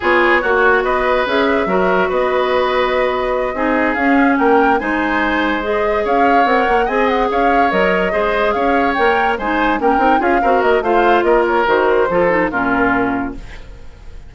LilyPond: <<
  \new Staff \with { instrumentName = "flute" } { \time 4/4 \tempo 4 = 144 cis''2 dis''4 e''4~ | e''4 dis''2.~ | dis''4. f''4 g''4 gis''8~ | gis''4. dis''4 f''4 fis''8~ |
fis''8 gis''8 fis''8 f''4 dis''4.~ | dis''8 f''4 g''4 gis''4 g''8~ | g''8 f''4 dis''8 f''4 dis''8 cis''8 | c''2 ais'2 | }
  \new Staff \with { instrumentName = "oboe" } { \time 4/4 gis'4 fis'4 b'2 | ais'4 b'2.~ | b'8 gis'2 ais'4 c''8~ | c''2~ c''8 cis''4.~ |
cis''8 dis''4 cis''2 c''8~ | c''8 cis''2 c''4 ais'8~ | ais'8 gis'8 ais'4 c''4 ais'4~ | ais'4 a'4 f'2 | }
  \new Staff \with { instrumentName = "clarinet" } { \time 4/4 f'4 fis'2 gis'4 | fis'1~ | fis'8 dis'4 cis'2 dis'8~ | dis'4. gis'2 ais'8~ |
ais'8 gis'2 ais'4 gis'8~ | gis'4. ais'4 dis'4 cis'8 | dis'8 f'8 fis'4 f'2 | fis'4 f'8 dis'8 cis'2 | }
  \new Staff \with { instrumentName = "bassoon" } { \time 4/4 b4 ais4 b4 cis'4 | fis4 b2.~ | b8 c'4 cis'4 ais4 gis8~ | gis2~ gis8 cis'4 c'8 |
ais8 c'4 cis'4 fis4 gis8~ | gis8 cis'4 ais4 gis4 ais8 | c'8 cis'8 c'8 ais8 a4 ais4 | dis4 f4 ais,2 | }
>>